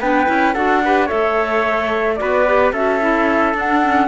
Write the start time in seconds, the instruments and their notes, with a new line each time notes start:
0.00 cello B3, clarinet D4, trumpet B4, flute G5
0.26 cello C#4, clarinet E4
0.53 cello D4, clarinet F#4, trumpet A4, flute F#5
0.85 clarinet G4, trumpet B4
1.06 cello A3, clarinet A4, trumpet C#5, flute E5
2.16 cello B3, clarinet F#4, trumpet B4, flute D5
2.47 clarinet G4
2.72 cello C#4, clarinet F#4, trumpet A4, flute E5
3.00 clarinet E4
3.54 cello D4, clarinet D4, flute F#5
3.84 clarinet C#4